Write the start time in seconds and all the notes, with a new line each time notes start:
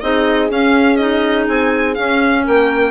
0.00 C4 D#4 G#4 D#5
0.49 C#4 F5
0.96 D#4 D#5
1.48 C4 G#5
1.94 C#4 F5
2.44 A#3 A#4 G5